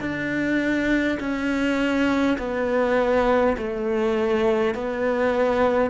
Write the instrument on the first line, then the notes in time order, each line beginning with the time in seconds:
cello
0.00 D4
1.19 C#4
2.38 B3
3.57 A3
4.74 B3